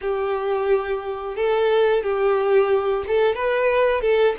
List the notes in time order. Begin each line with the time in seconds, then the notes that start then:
0.01 G4
1.36 A4
2.03 G4
3.07 A4
3.35 B4
4.01 A4